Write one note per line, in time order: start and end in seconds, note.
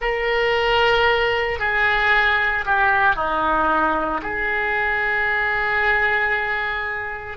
0.01 1.59 A#4
1.59 2.64 G#4
2.65 3.15 G4
3.15 4.21 D#4
4.22 7.37 G#4